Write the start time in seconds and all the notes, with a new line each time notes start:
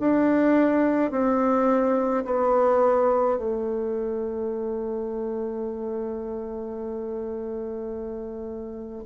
0.00 D4
1.12 C4
2.25 B3
3.38 A3